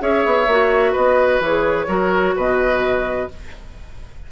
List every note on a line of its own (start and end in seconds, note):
0.00 0.25 C#4
0.00 0.47 G#4
0.00 0.92 C#5
0.00 0.95 E5
0.26 0.47 B3
0.47 0.94 A#3
0.47 1.44 F#4
0.92 1.40 B3
0.92 1.86 B4
0.92 1.42 D#5
1.40 1.87 E3
1.40 1.88 G#4
1.40 2.38 C#5
1.88 2.35 F#3
1.88 3.28 F#4
1.88 2.35 A#4
2.36 3.30 B2
2.36 3.30 B4
2.36 3.31 D#5